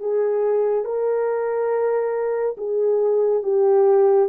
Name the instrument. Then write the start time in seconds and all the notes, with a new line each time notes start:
horn
0.00 G#4
0.85 A#4
2.58 G#4
3.44 G4